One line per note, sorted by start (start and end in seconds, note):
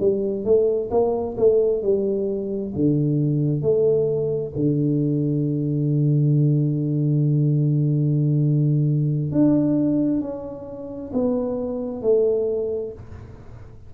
0.00 0.45 G3
0.45 0.90 A3
0.91 1.36 A#3
1.38 1.82 A3
1.82 2.73 G3
2.75 3.62 D3
3.62 4.53 A3
4.55 9.32 D3
9.32 10.21 D4
10.21 11.12 C#4
11.13 12.02 B3
12.02 12.93 A3